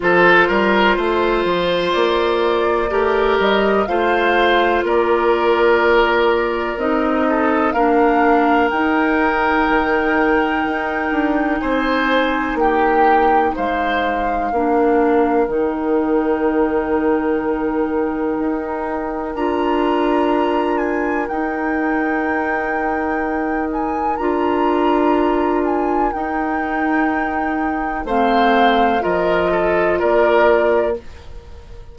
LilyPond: <<
  \new Staff \with { instrumentName = "flute" } { \time 4/4 \tempo 4 = 62 c''2 d''4. dis''8 | f''4 d''2 dis''4 | f''4 g''2. | gis''4 g''4 f''2 |
g''1 | ais''4. gis''8 g''2~ | g''8 gis''8 ais''4. gis''8 g''4~ | g''4 f''4 dis''4 d''4 | }
  \new Staff \with { instrumentName = "oboe" } { \time 4/4 a'8 ais'8 c''2 ais'4 | c''4 ais'2~ ais'8 a'8 | ais'1 | c''4 g'4 c''4 ais'4~ |
ais'1~ | ais'1~ | ais'1~ | ais'4 c''4 ais'8 a'8 ais'4 | }
  \new Staff \with { instrumentName = "clarinet" } { \time 4/4 f'2. g'4 | f'2. dis'4 | d'4 dis'2.~ | dis'2. d'4 |
dis'1 | f'2 dis'2~ | dis'4 f'2 dis'4~ | dis'4 c'4 f'2 | }
  \new Staff \with { instrumentName = "bassoon" } { \time 4/4 f8 g8 a8 f8 ais4 a8 g8 | a4 ais2 c'4 | ais4 dis'4 dis4 dis'8 d'8 | c'4 ais4 gis4 ais4 |
dis2. dis'4 | d'2 dis'2~ | dis'4 d'2 dis'4~ | dis'4 a4 f4 ais4 | }
>>